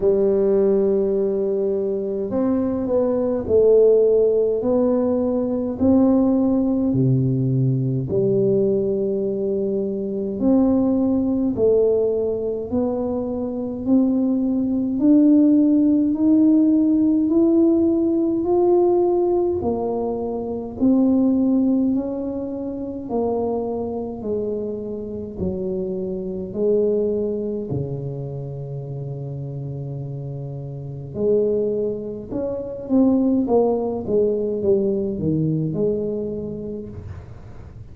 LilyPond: \new Staff \with { instrumentName = "tuba" } { \time 4/4 \tempo 4 = 52 g2 c'8 b8 a4 | b4 c'4 c4 g4~ | g4 c'4 a4 b4 | c'4 d'4 dis'4 e'4 |
f'4 ais4 c'4 cis'4 | ais4 gis4 fis4 gis4 | cis2. gis4 | cis'8 c'8 ais8 gis8 g8 dis8 gis4 | }